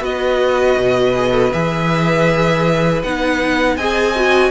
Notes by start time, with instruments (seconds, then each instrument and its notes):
0.00 cello B3, viola F#4, violin B4 D#5
0.77 cello B2
1.15 viola G#4
1.31 viola A4
1.52 cello E3, viola G#4, violin E5
3.03 cello B3, viola D#4, violin F#5
3.77 cello C4, viola G#4, violin D#5 G#5
4.16 viola F#4